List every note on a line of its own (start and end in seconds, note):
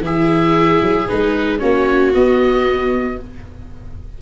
0.00 0.79 E3
0.00 1.07 E4
0.00 1.61 G#4
0.00 1.09 E5
0.82 1.08 F#3
1.09 1.62 G#3
1.09 1.59 D#4
1.09 1.59 B4
1.59 2.14 A#3
1.59 2.12 C#4
1.59 3.19 F#4
1.59 2.12 C#5
2.14 3.20 B3
2.14 3.22 B3
2.14 3.19 D#5